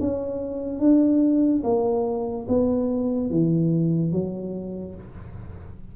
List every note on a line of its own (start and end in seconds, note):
0.00 0.80 C#4
0.80 1.63 D4
1.64 2.47 A#3
2.48 3.30 B3
3.30 4.12 E3
4.12 4.95 F#3